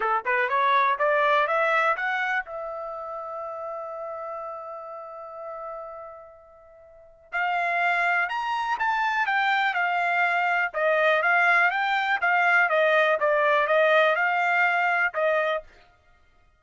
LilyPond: \new Staff \with { instrumentName = "trumpet" } { \time 4/4 \tempo 4 = 123 a'8 b'8 cis''4 d''4 e''4 | fis''4 e''2.~ | e''1~ | e''2. f''4~ |
f''4 ais''4 a''4 g''4 | f''2 dis''4 f''4 | g''4 f''4 dis''4 d''4 | dis''4 f''2 dis''4 | }